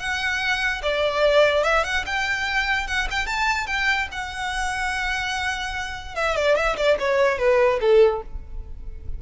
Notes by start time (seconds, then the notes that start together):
0.00 F#5
0.83 D5
1.64 E5
1.85 F#5
2.06 G5
2.87 F#5
3.11 G5
3.27 A5
3.67 G5
4.12 F#5
6.16 E5
6.36 D5
6.56 E5
6.77 D5
7.00 C#5
7.39 B4
7.81 A4